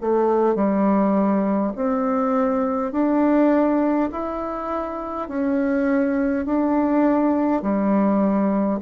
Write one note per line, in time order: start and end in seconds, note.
0.00 0.55 A3
0.55 1.73 G3
1.75 2.91 C4
2.91 4.09 D4
4.12 5.28 E4
5.28 6.45 C#4
6.45 7.61 D4
7.61 8.79 G3